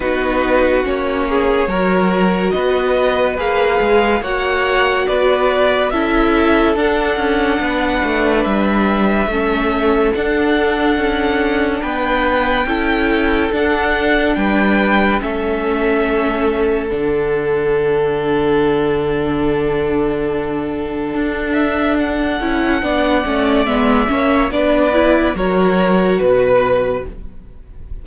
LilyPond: <<
  \new Staff \with { instrumentName = "violin" } { \time 4/4 \tempo 4 = 71 b'4 cis''2 dis''4 | f''4 fis''4 d''4 e''4 | fis''2 e''2 | fis''2 g''2 |
fis''4 g''4 e''2 | fis''1~ | fis''4. e''8 fis''2 | e''4 d''4 cis''4 b'4 | }
  \new Staff \with { instrumentName = "violin" } { \time 4/4 fis'4. gis'8 ais'4 b'4~ | b'4 cis''4 b'4 a'4~ | a'4 b'2 a'4~ | a'2 b'4 a'4~ |
a'4 b'4 a'2~ | a'1~ | a'2. d''4~ | d''8 cis''8 b'4 ais'4 b'4 | }
  \new Staff \with { instrumentName = "viola" } { \time 4/4 dis'4 cis'4 fis'2 | gis'4 fis'2 e'4 | d'2. cis'4 | d'2. e'4 |
d'2 cis'2 | d'1~ | d'2~ d'8 e'8 d'8 cis'8 | b8 cis'8 d'8 e'8 fis'2 | }
  \new Staff \with { instrumentName = "cello" } { \time 4/4 b4 ais4 fis4 b4 | ais8 gis8 ais4 b4 cis'4 | d'8 cis'8 b8 a8 g4 a4 | d'4 cis'4 b4 cis'4 |
d'4 g4 a2 | d1~ | d4 d'4. cis'8 b8 a8 | gis8 ais8 b4 fis4 b,4 | }
>>